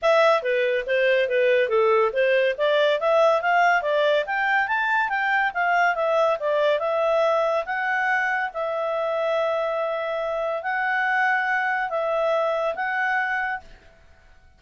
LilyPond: \new Staff \with { instrumentName = "clarinet" } { \time 4/4 \tempo 4 = 141 e''4 b'4 c''4 b'4 | a'4 c''4 d''4 e''4 | f''4 d''4 g''4 a''4 | g''4 f''4 e''4 d''4 |
e''2 fis''2 | e''1~ | e''4 fis''2. | e''2 fis''2 | }